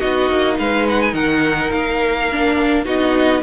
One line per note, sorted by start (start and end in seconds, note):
0.00 0.31 B3
0.00 2.30 D#4
0.00 0.57 F#4
0.00 0.57 D#5
0.31 0.59 A#3
0.59 1.14 G#3
0.59 1.14 B4
0.59 0.88 F5
0.90 1.02 F#5
1.02 1.14 G#5
1.14 1.71 D#3
1.14 2.84 A#4
1.14 1.71 F#5
1.71 2.86 A#3
1.71 2.86 F5
2.32 2.85 D4
2.84 3.43 B3
2.84 3.42 D#4
2.84 3.42 F#4
2.84 3.43 D#5